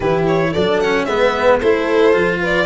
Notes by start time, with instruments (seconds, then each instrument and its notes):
0.00 tuba E3, cello E4, horn G4, violin B4
0.27 violin C#5
0.53 tuba F#3, cello D4, horn A4, violin D5
0.79 cello C#4, violin F#5
1.04 tuba G#3, cello B3, horn B4, violin E5
1.58 tuba A3, cello E4, horn A4, violin C5
2.12 tuba F3, cello F4
2.40 horn B4, violin D5